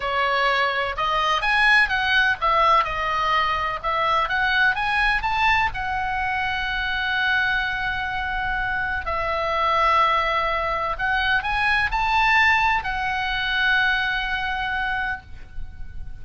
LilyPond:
\new Staff \with { instrumentName = "oboe" } { \time 4/4 \tempo 4 = 126 cis''2 dis''4 gis''4 | fis''4 e''4 dis''2 | e''4 fis''4 gis''4 a''4 | fis''1~ |
fis''2. e''4~ | e''2. fis''4 | gis''4 a''2 fis''4~ | fis''1 | }